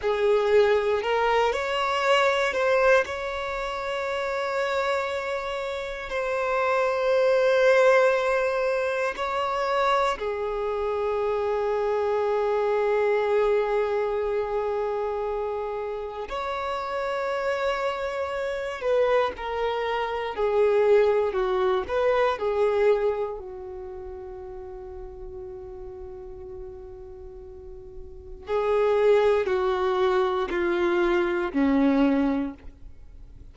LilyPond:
\new Staff \with { instrumentName = "violin" } { \time 4/4 \tempo 4 = 59 gis'4 ais'8 cis''4 c''8 cis''4~ | cis''2 c''2~ | c''4 cis''4 gis'2~ | gis'1 |
cis''2~ cis''8 b'8 ais'4 | gis'4 fis'8 b'8 gis'4 fis'4~ | fis'1 | gis'4 fis'4 f'4 cis'4 | }